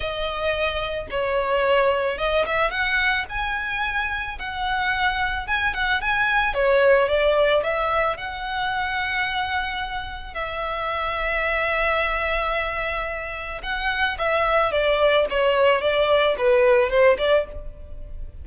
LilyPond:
\new Staff \with { instrumentName = "violin" } { \time 4/4 \tempo 4 = 110 dis''2 cis''2 | dis''8 e''8 fis''4 gis''2 | fis''2 gis''8 fis''8 gis''4 | cis''4 d''4 e''4 fis''4~ |
fis''2. e''4~ | e''1~ | e''4 fis''4 e''4 d''4 | cis''4 d''4 b'4 c''8 d''8 | }